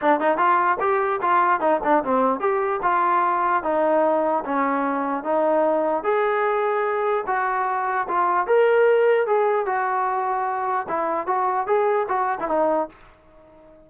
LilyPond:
\new Staff \with { instrumentName = "trombone" } { \time 4/4 \tempo 4 = 149 d'8 dis'8 f'4 g'4 f'4 | dis'8 d'8 c'4 g'4 f'4~ | f'4 dis'2 cis'4~ | cis'4 dis'2 gis'4~ |
gis'2 fis'2 | f'4 ais'2 gis'4 | fis'2. e'4 | fis'4 gis'4 fis'8. e'16 dis'4 | }